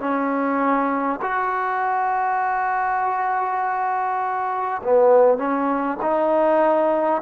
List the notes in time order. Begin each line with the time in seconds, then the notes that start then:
0.00 C#4
1.22 F#4
4.83 B3
5.38 C#4
6.02 D#4